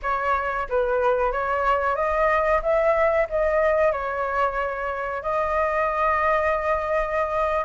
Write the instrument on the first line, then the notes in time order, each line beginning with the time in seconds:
flute
0.02 C#5
0.68 B4
1.32 C#5
1.95 D#5
2.62 E5
3.29 D#5
3.92 C#5
5.22 D#5